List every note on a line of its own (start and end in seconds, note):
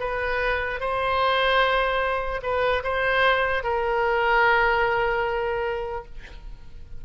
0.00 0.81 B4
0.81 2.42 C5
2.43 2.83 B4
2.84 3.64 C5
3.64 6.05 A#4